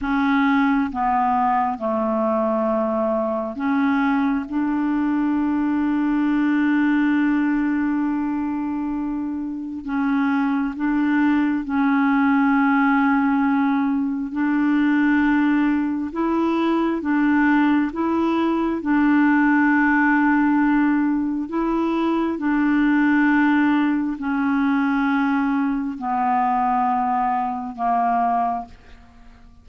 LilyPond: \new Staff \with { instrumentName = "clarinet" } { \time 4/4 \tempo 4 = 67 cis'4 b4 a2 | cis'4 d'2.~ | d'2. cis'4 | d'4 cis'2. |
d'2 e'4 d'4 | e'4 d'2. | e'4 d'2 cis'4~ | cis'4 b2 ais4 | }